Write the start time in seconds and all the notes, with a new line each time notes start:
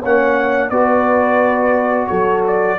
0.00 A#3 C#4 C#5 F#5
0.70 B3 F#4 B4 D5
2.07 F#3 A4 C#5
2.47 D5